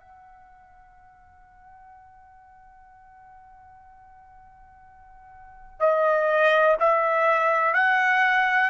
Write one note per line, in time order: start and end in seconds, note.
0.00 5.80 F#5
5.80 6.77 D#5
6.80 7.74 E5
7.74 8.70 F#5